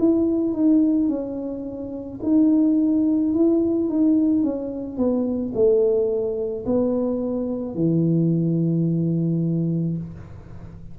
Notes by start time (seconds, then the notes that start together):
0.00 E4
0.54 D#4
1.09 C#4
2.23 D#4
3.34 E4
3.90 D#4
4.44 C#4
4.97 B3
5.55 A3
6.66 B3
7.75 E3